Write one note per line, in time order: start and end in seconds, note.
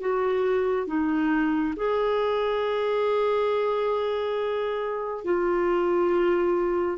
0.00 0.87 F#4
0.87 1.74 D#4
1.76 5.24 G#4
5.24 6.97 F4